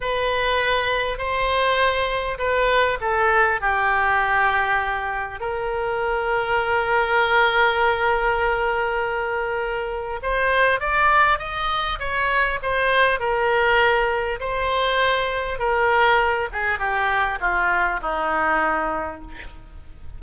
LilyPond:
\new Staff \with { instrumentName = "oboe" } { \time 4/4 \tempo 4 = 100 b'2 c''2 | b'4 a'4 g'2~ | g'4 ais'2.~ | ais'1~ |
ais'4 c''4 d''4 dis''4 | cis''4 c''4 ais'2 | c''2 ais'4. gis'8 | g'4 f'4 dis'2 | }